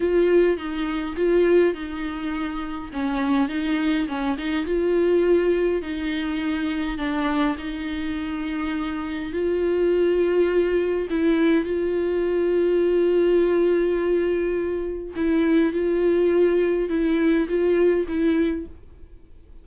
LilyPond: \new Staff \with { instrumentName = "viola" } { \time 4/4 \tempo 4 = 103 f'4 dis'4 f'4 dis'4~ | dis'4 cis'4 dis'4 cis'8 dis'8 | f'2 dis'2 | d'4 dis'2. |
f'2. e'4 | f'1~ | f'2 e'4 f'4~ | f'4 e'4 f'4 e'4 | }